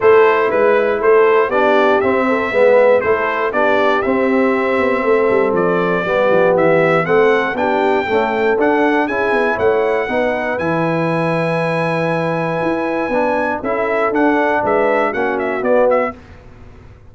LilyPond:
<<
  \new Staff \with { instrumentName = "trumpet" } { \time 4/4 \tempo 4 = 119 c''4 b'4 c''4 d''4 | e''2 c''4 d''4 | e''2. d''4~ | d''4 e''4 fis''4 g''4~ |
g''4 fis''4 gis''4 fis''4~ | fis''4 gis''2.~ | gis''2. e''4 | fis''4 e''4 fis''8 e''8 d''8 e''8 | }
  \new Staff \with { instrumentName = "horn" } { \time 4/4 a'4 b'4 a'4 g'4~ | g'8 a'8 b'4 a'4 g'4~ | g'2 a'2 | g'2 a'4 g'4 |
a'2 gis'4 cis''4 | b'1~ | b'2. a'4~ | a'4 b'4 fis'2 | }
  \new Staff \with { instrumentName = "trombone" } { \time 4/4 e'2. d'4 | c'4 b4 e'4 d'4 | c'1 | b2 c'4 d'4 |
a4 d'4 e'2 | dis'4 e'2.~ | e'2 d'4 e'4 | d'2 cis'4 b4 | }
  \new Staff \with { instrumentName = "tuba" } { \time 4/4 a4 gis4 a4 b4 | c'4 gis4 a4 b4 | c'4. b8 a8 g8 f4 | g8 f8 e4 a4 b4 |
cis'4 d'4 cis'8 b8 a4 | b4 e2.~ | e4 e'4 b4 cis'4 | d'4 gis4 ais4 b4 | }
>>